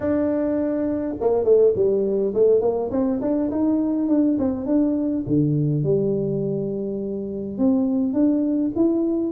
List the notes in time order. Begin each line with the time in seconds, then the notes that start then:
0.00 D4
1.20 A#3
1.44 A3
1.75 G3
2.34 A3
2.61 A#3
2.91 C4
3.21 D4
3.51 D#4
4.08 D4
4.38 C4
4.66 D4
5.26 D3
5.83 G3
7.58 C4
8.13 D4
8.75 E4